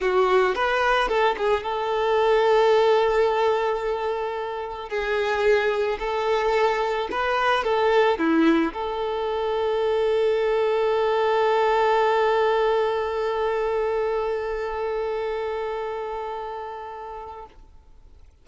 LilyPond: \new Staff \with { instrumentName = "violin" } { \time 4/4 \tempo 4 = 110 fis'4 b'4 a'8 gis'8 a'4~ | a'1~ | a'4 gis'2 a'4~ | a'4 b'4 a'4 e'4 |
a'1~ | a'1~ | a'1~ | a'1 | }